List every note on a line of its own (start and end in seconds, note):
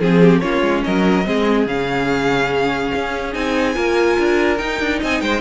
0.00 0.42 F3
0.00 0.42 C4
0.00 0.40 G#4
0.00 0.22 G#4
0.22 0.42 G4
0.40 0.62 A#3
0.40 1.25 C#4
0.40 0.85 F4
0.40 0.82 C#5
0.62 0.83 G#3
0.84 1.27 F#3
0.84 1.27 A#4
0.84 1.68 D#5
1.25 1.66 G#3
1.25 1.66 C4
1.25 3.76 G#4
1.66 2.91 C#3
1.66 3.33 C#4
1.66 3.34 F5
2.95 3.35 C#4
3.33 3.76 C4
3.33 3.74 D#4
3.33 4.58 G#5
3.74 4.18 A#3
3.74 4.58 F4
3.74 5.01 A#4
4.19 4.60 D4
4.58 5.41 D#4
4.58 4.81 D#4
4.58 4.99 G5
4.81 5.01 D4
5.01 5.22 C4
5.01 5.21 D#5
5.01 5.21 G#5
5.21 5.41 G#3
5.21 5.41 C5
5.21 5.41 G5